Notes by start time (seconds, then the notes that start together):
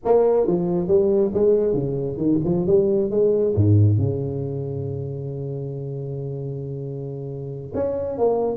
0.04 A#3
0.47 F3
0.87 G3
1.34 G#3
1.73 C#3
2.17 D#3
2.44 F3
2.66 G3
3.10 G#3
3.55 G#2
3.97 C#3
7.74 C#4
8.18 A#3